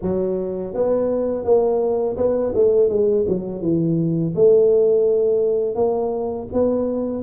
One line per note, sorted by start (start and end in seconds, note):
0.02 0.74 F#3
0.74 1.44 B3
1.44 2.16 A#3
2.17 2.53 B3
2.54 2.89 A3
2.89 3.25 G#3
3.28 3.61 F#3
3.61 4.34 E3
4.35 5.75 A3
5.75 6.47 A#3
6.52 7.23 B3